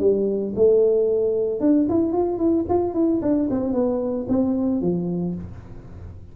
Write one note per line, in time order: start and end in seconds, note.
0.00 0.54 G3
0.56 1.60 A3
1.60 1.87 D4
1.89 2.13 E4
2.13 2.38 F4
2.38 2.65 E4
2.69 2.94 F4
2.94 3.20 E4
3.22 3.49 D4
3.50 3.73 C4
3.73 4.27 B3
4.29 4.81 C4
4.81 5.35 F3